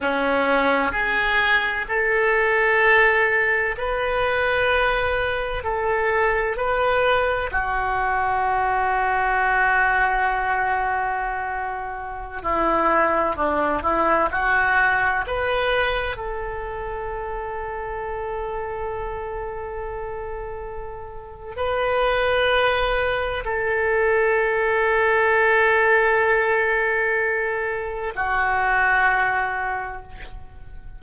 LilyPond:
\new Staff \with { instrumentName = "oboe" } { \time 4/4 \tempo 4 = 64 cis'4 gis'4 a'2 | b'2 a'4 b'4 | fis'1~ | fis'4~ fis'16 e'4 d'8 e'8 fis'8.~ |
fis'16 b'4 a'2~ a'8.~ | a'2. b'4~ | b'4 a'2.~ | a'2 fis'2 | }